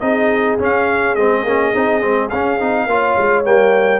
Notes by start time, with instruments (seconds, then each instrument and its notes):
0.00 tuba C4, trombone D#4, horn G#4, trumpet D#5
0.59 tuba C#4, trombone C#4, trumpet F5
1.15 tuba G#3, trombone C4, trumpet D#5
1.44 tuba A#3, trombone C#4
1.74 tuba C4, trombone D#4
2.01 tuba G#3, trombone C4
2.29 tuba C#4, trombone C#4, trumpet F5
2.60 tuba C4, trombone D#4
2.86 tuba A#3, trombone F4, horn C#5
3.18 tuba G#3
3.45 tuba G3, trombone A#3, trumpet G5